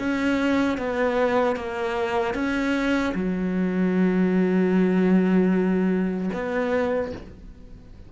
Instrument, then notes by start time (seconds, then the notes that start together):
cello
0.00 C#4
0.78 B3
1.56 A#3
2.35 C#4
3.15 F#3
6.34 B3